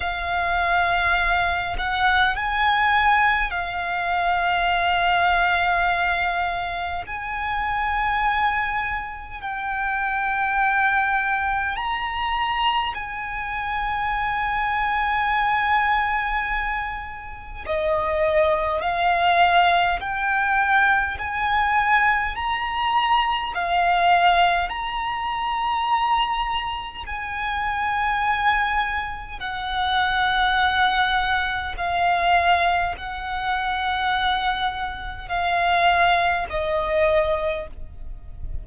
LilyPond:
\new Staff \with { instrumentName = "violin" } { \time 4/4 \tempo 4 = 51 f''4. fis''8 gis''4 f''4~ | f''2 gis''2 | g''2 ais''4 gis''4~ | gis''2. dis''4 |
f''4 g''4 gis''4 ais''4 | f''4 ais''2 gis''4~ | gis''4 fis''2 f''4 | fis''2 f''4 dis''4 | }